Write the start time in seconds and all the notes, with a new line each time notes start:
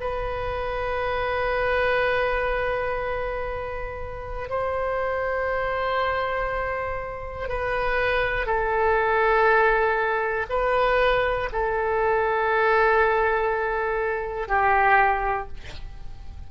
0.00 B4
4.49 C5
7.48 B4
8.46 A4
10.49 B4
11.52 A4
14.48 G4